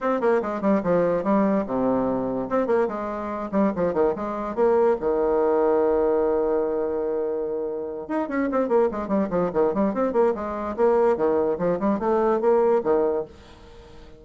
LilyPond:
\new Staff \with { instrumentName = "bassoon" } { \time 4/4 \tempo 4 = 145 c'8 ais8 gis8 g8 f4 g4 | c2 c'8 ais8 gis4~ | gis8 g8 f8 dis8 gis4 ais4 | dis1~ |
dis2.~ dis8 dis'8 | cis'8 c'8 ais8 gis8 g8 f8 dis8 g8 | c'8 ais8 gis4 ais4 dis4 | f8 g8 a4 ais4 dis4 | }